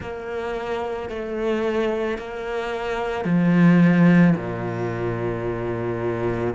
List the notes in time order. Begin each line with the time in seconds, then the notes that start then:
0.00 A#3
1.09 A3
2.18 A#3
3.24 F3
4.35 A#2